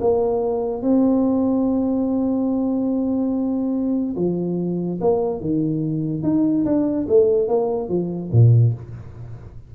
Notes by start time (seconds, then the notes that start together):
0.00 A#3
0.82 C4
4.16 F3
5.00 A#3
5.40 D#3
6.23 D#4
6.65 D4
7.08 A3
7.48 A#3
7.88 F3
8.32 A#2